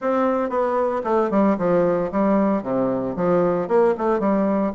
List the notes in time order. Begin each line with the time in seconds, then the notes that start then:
0.01 C4
0.49 B3
1.04 A3
1.30 G3
1.58 F3
2.11 G3
2.62 C3
3.16 F3
3.68 A#3
3.97 A3
4.19 G3